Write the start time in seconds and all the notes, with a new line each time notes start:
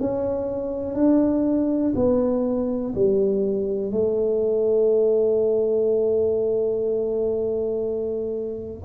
0.00 C#4
0.95 D4
1.95 B3
2.95 G3
3.92 A3